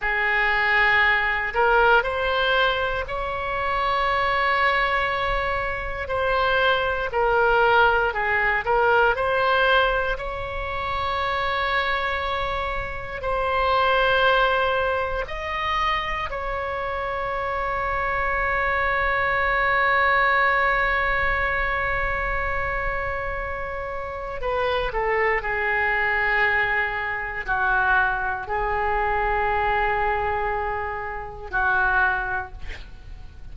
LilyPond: \new Staff \with { instrumentName = "oboe" } { \time 4/4 \tempo 4 = 59 gis'4. ais'8 c''4 cis''4~ | cis''2 c''4 ais'4 | gis'8 ais'8 c''4 cis''2~ | cis''4 c''2 dis''4 |
cis''1~ | cis''1 | b'8 a'8 gis'2 fis'4 | gis'2. fis'4 | }